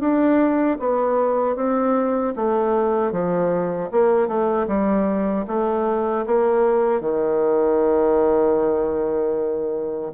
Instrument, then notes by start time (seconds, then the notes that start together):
bassoon
0.00 D4
0.80 B3
1.56 C4
2.36 A3
3.12 F3
3.92 A#3
4.28 A3
4.68 G3
5.48 A3
6.27 A#3
7.01 D#3